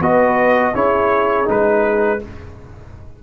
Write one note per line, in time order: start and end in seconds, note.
0.00 0.73 B3
0.00 0.74 F#4
0.00 0.73 B4
0.00 0.75 D#5
0.73 1.48 C#4
0.73 1.45 E4
0.73 2.20 G#4
0.73 1.48 C#5
1.45 2.22 G#3
1.45 2.18 D#4
1.45 2.23 B4